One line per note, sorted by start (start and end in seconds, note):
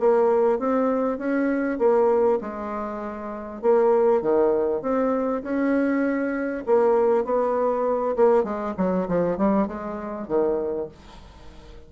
0.00 0.59 A#3
0.59 1.18 C4
1.18 1.79 C#4
1.79 2.39 A#3
2.41 3.62 G#3
3.62 4.22 A#3
4.22 4.82 D#3
4.82 5.43 C4
5.43 6.64 C#4
6.66 7.25 A#3
7.25 8.16 B3
8.16 8.44 A#3
8.44 8.74 G#3
8.78 9.08 F#3
9.08 9.38 F3
9.38 9.67 G3
9.67 10.28 G#3
10.28 10.89 D#3